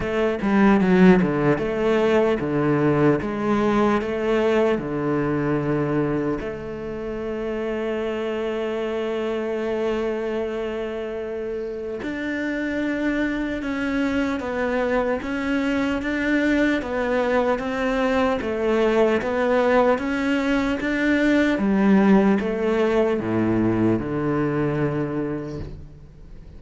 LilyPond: \new Staff \with { instrumentName = "cello" } { \time 4/4 \tempo 4 = 75 a8 g8 fis8 d8 a4 d4 | gis4 a4 d2 | a1~ | a2. d'4~ |
d'4 cis'4 b4 cis'4 | d'4 b4 c'4 a4 | b4 cis'4 d'4 g4 | a4 a,4 d2 | }